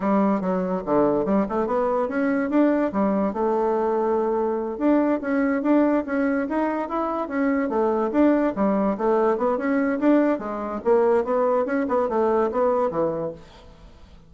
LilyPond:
\new Staff \with { instrumentName = "bassoon" } { \time 4/4 \tempo 4 = 144 g4 fis4 d4 g8 a8 | b4 cis'4 d'4 g4 | a2.~ a8 d'8~ | d'8 cis'4 d'4 cis'4 dis'8~ |
dis'8 e'4 cis'4 a4 d'8~ | d'8 g4 a4 b8 cis'4 | d'4 gis4 ais4 b4 | cis'8 b8 a4 b4 e4 | }